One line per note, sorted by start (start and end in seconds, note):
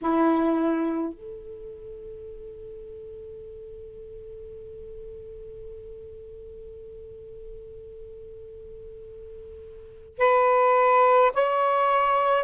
0.01 1.13 E4
1.13 10.18 A4
10.18 11.32 B4
11.34 12.44 C#5